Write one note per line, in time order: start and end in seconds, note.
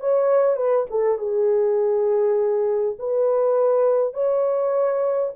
0.00 0.56 C#5
0.56 0.86 B4
0.90 1.18 A4
1.18 2.96 G#4
2.99 4.13 B4
4.13 5.32 C#5